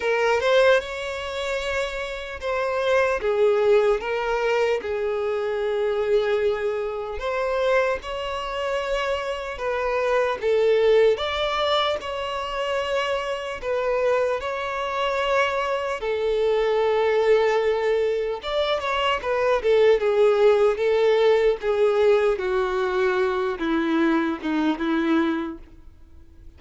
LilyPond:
\new Staff \with { instrumentName = "violin" } { \time 4/4 \tempo 4 = 75 ais'8 c''8 cis''2 c''4 | gis'4 ais'4 gis'2~ | gis'4 c''4 cis''2 | b'4 a'4 d''4 cis''4~ |
cis''4 b'4 cis''2 | a'2. d''8 cis''8 | b'8 a'8 gis'4 a'4 gis'4 | fis'4. e'4 dis'8 e'4 | }